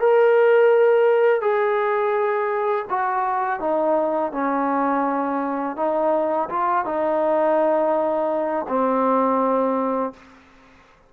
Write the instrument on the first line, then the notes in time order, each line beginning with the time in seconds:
trombone
0.00 A#4
1.41 G#4
2.90 F#4
3.60 D#4
4.32 C#4
5.77 D#4
6.49 F4
6.85 D#4
8.68 C4